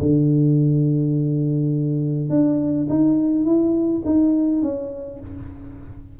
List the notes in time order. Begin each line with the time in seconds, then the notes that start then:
0.00 D3
2.30 D4
2.90 D#4
3.45 E4
4.05 D#4
4.62 C#4